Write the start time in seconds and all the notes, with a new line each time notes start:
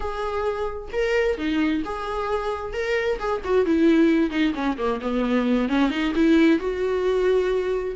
0.00 G#4
0.92 A#4
1.37 D#4
1.85 G#4
2.73 A#4
3.19 G#4
3.44 F#4
3.65 E4
4.30 D#4
4.54 C#4
4.77 A#3
5.01 B3
5.68 C#4
5.89 D#4
6.15 E4
6.59 F#4